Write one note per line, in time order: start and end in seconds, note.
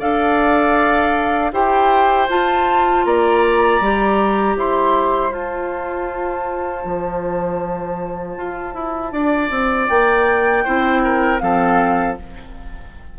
0.00 1.53 D4
0.00 1.53 A4
0.00 1.52 D5
0.00 1.53 F5
1.53 2.29 E4
1.53 2.29 G4
1.53 3.06 C5
1.53 2.29 G5
2.29 3.05 F4
2.29 3.81 F4
2.29 3.06 A5
3.05 3.81 A#3
3.05 4.57 D5
3.05 4.57 A#5
3.81 4.56 G3
3.81 5.31 G4
4.57 5.32 E4
4.57 9.13 C5
4.57 5.34 C6
5.31 10.62 F4
5.31 6.84 F4
5.31 9.89 A5
6.85 8.37 F3
8.37 8.75 F4
8.75 9.13 E4
9.13 9.51 D4
9.13 10.65 D5
9.51 9.89 C4
9.89 10.66 A#3
9.89 11.40 G5
10.65 11.42 C4
10.65 11.41 E4
10.65 11.03 C5
11.04 11.42 A#4
11.40 12.18 F3
11.40 12.17 C4
11.40 12.19 A4
11.40 12.16 F5